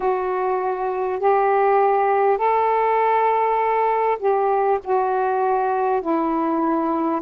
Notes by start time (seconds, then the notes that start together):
0.00 F#4
1.19 G4
2.37 A4
4.19 G4
4.84 F#4
6.01 E4